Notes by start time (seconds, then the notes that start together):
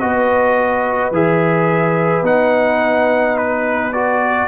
0.00 B3 F#4 B4 D#5
1.11 E3 G#4 E5
2.22 B3 D#4 F#5
3.37 B4
3.93 F#4 D5